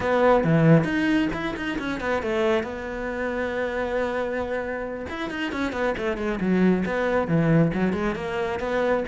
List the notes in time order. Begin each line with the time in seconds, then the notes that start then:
0.00 B3
0.44 E3
0.84 D#4
1.33 E4
1.56 D#4
1.78 C#4
2.00 B3
2.22 A3
2.63 B3
5.09 E4
5.29 D#4
5.52 C#4
5.72 B3
5.97 A3
6.17 G#3
6.40 F#3
6.85 B3
7.27 E3
7.73 F#3
7.93 G#3
8.15 A#3
8.59 B3